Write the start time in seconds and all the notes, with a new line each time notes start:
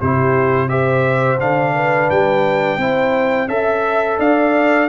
0.00 C3 E4 G4 C5
0.69 G4 C5 E5
1.40 D3 D4 F5
1.75 B4
2.10 G3 G5
2.78 C4 E4 C5
3.48 C#4 A4 E5
4.19 D4 D5 F5